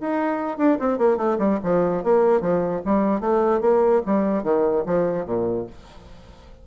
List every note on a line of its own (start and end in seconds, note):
0.00 0.57 D#4
0.57 0.78 D4
0.79 0.98 C4
0.98 1.17 A#3
1.17 1.37 A3
1.38 1.59 G3
1.63 2.03 F3
2.03 2.40 A#3
2.40 2.81 F3
2.85 3.20 G3
3.20 3.61 A3
3.61 4.01 A#3
4.06 4.43 G3
4.43 4.84 D#3
4.86 5.26 F3
5.26 5.66 A#2